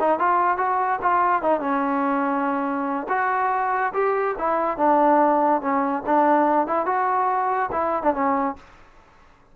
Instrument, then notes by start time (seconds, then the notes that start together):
trombone
0.00 D#4
0.19 F4
0.58 F#4
1.02 F4
1.42 D#4
1.60 C#4
3.09 F#4
3.94 G4
4.39 E4
4.78 D4
5.61 C#4
6.06 D4
6.68 E4
6.86 F#4
7.72 E4
8.03 D4
8.14 C#4